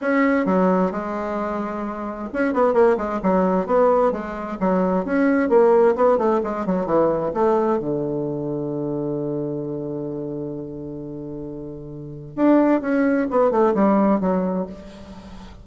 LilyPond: \new Staff \with { instrumentName = "bassoon" } { \time 4/4 \tempo 4 = 131 cis'4 fis4 gis2~ | gis4 cis'8 b8 ais8 gis8 fis4 | b4 gis4 fis4 cis'4 | ais4 b8 a8 gis8 fis8 e4 |
a4 d2.~ | d1~ | d2. d'4 | cis'4 b8 a8 g4 fis4 | }